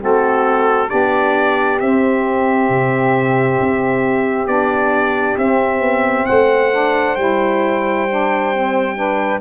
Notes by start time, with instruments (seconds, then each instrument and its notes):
0.00 tuba A3, saxophone C4 F#4, trumpet A4
0.88 tuba B3, saxophone D4 G4, trumpet D5
1.80 tuba C4, saxophone C4, trumpet E5
2.69 tuba C3
3.60 tuba C4
4.47 tuba B3, saxophone D4, trumpet D5
5.38 tuba C4, saxophone C4, trumpet E5
5.81 tuba B3
6.26 tuba A3, saxophone C5, trumpet F#5
6.72 saxophone D4
7.16 tuba G3, saxophone E4, trumpet G5
8.10 saxophone D4
8.54 saxophone C4
8.95 saxophone D4 B4